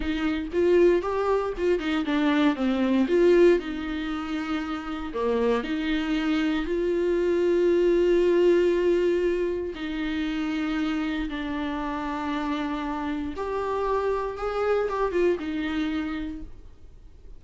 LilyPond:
\new Staff \with { instrumentName = "viola" } { \time 4/4 \tempo 4 = 117 dis'4 f'4 g'4 f'8 dis'8 | d'4 c'4 f'4 dis'4~ | dis'2 ais4 dis'4~ | dis'4 f'2.~ |
f'2. dis'4~ | dis'2 d'2~ | d'2 g'2 | gis'4 g'8 f'8 dis'2 | }